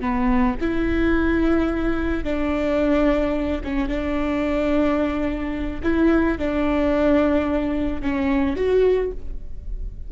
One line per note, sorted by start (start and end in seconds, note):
0.00 0.55 B3
0.60 2.24 E4
2.24 3.62 D4
3.64 3.88 C#4
3.88 5.81 D4
5.83 6.38 E4
6.38 8.02 D4
8.02 8.56 C#4
8.56 9.11 F#4